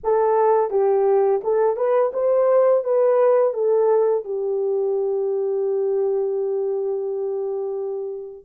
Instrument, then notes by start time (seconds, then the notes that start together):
horn
0.03 A4
0.70 G4
1.43 A4
1.76 B4
2.13 C5
2.84 B4
3.53 A4
4.24 G4